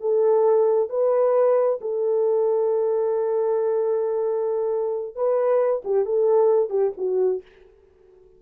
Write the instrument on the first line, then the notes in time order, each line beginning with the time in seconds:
horn
0.00 A4
0.89 B4
1.81 A4
5.15 B4
5.84 G4
6.05 A4
6.70 G4
6.97 F#4